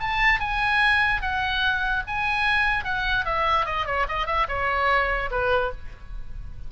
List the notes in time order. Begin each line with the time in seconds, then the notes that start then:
0.00 A5
0.40 G#5
1.21 F#5
2.07 G#5
2.84 F#5
3.25 E5
3.65 D#5
3.86 C#5
4.08 D#5
4.26 E5
4.48 C#5
5.31 B4